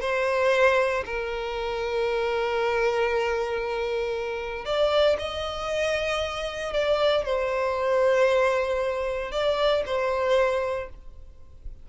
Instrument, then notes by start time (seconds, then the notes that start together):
violin
0.00 C5
1.05 A#4
4.65 D5
5.18 D#5
6.73 D5
7.25 C5
9.31 D5
9.85 C5